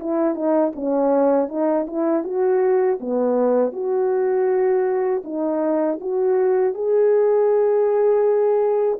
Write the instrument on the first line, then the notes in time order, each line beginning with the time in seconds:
horn
0.00 E4
0.35 D#4
0.76 C#4
1.49 D#4
1.87 E4
2.24 F#4
3.01 B3
3.73 F#4
5.24 D#4
6.01 F#4
6.74 G#4